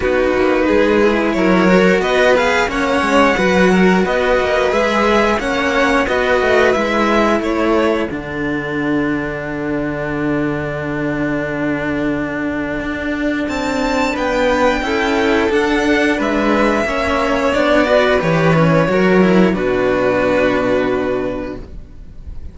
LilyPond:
<<
  \new Staff \with { instrumentName = "violin" } { \time 4/4 \tempo 4 = 89 b'2 cis''4 dis''8 f''8 | fis''2 dis''4 e''4 | fis''4 dis''4 e''4 cis''4 | fis''1~ |
fis''1 | a''4 g''2 fis''4 | e''2 d''4 cis''4~ | cis''4 b'2. | }
  \new Staff \with { instrumentName = "violin" } { \time 4/4 fis'4 gis'4 ais'4 b'4 | cis''4 b'8 ais'8 b'2 | cis''4 b'2 a'4~ | a'1~ |
a'1~ | a'4 b'4 a'2 | b'4 cis''4. b'4. | ais'4 fis'2. | }
  \new Staff \with { instrumentName = "cello" } { \time 4/4 dis'4. e'4 fis'4 gis'8 | cis'4 fis'2 gis'4 | cis'4 fis'4 e'2 | d'1~ |
d'1~ | d'2 e'4 d'4~ | d'4 cis'4 d'8 fis'8 g'8 cis'8 | fis'8 e'8 d'2. | }
  \new Staff \with { instrumentName = "cello" } { \time 4/4 b8 ais8 gis4 fis4 b4 | ais8 gis8 fis4 b8 ais8 gis4 | ais4 b8 a8 gis4 a4 | d1~ |
d2. d'4 | c'4 b4 cis'4 d'4 | gis4 ais4 b4 e4 | fis4 b,2. | }
>>